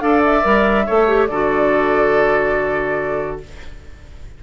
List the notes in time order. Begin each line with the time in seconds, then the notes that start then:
0.00 D4 A4 D5 F5
0.23 E5
0.43 G3 A#4
0.86 A3 A4 C#5
1.07 G4
1.27 D3 F#4 A4 D5